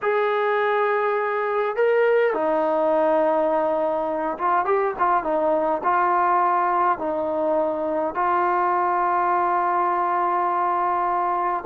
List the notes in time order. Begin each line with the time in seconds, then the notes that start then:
0.02 G#4
1.76 A#4
2.33 D#4
4.37 F4
4.65 G4
4.98 F4
5.23 D#4
5.83 F4
6.98 D#4
8.14 F4